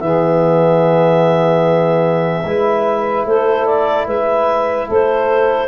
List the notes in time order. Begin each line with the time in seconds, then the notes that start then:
0.00 E3 B3 G#4 E5
2.44 G#3 E4 B4
3.26 A3 A4 C5
3.66 D5
4.06 G#3 B4 E5
4.86 A3 A4 C5